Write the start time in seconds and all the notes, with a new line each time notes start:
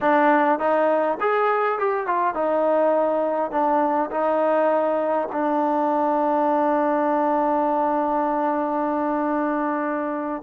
0.00 D4
0.59 D#4
1.20 G#4
1.78 G4
2.06 F4
2.34 D#4
3.51 D4
4.10 D#4
5.32 D4